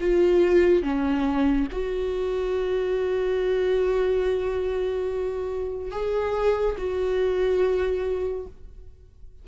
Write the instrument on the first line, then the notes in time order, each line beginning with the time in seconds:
viola
0.00 F4
0.83 C#4
1.72 F#4
5.91 G#4
6.78 F#4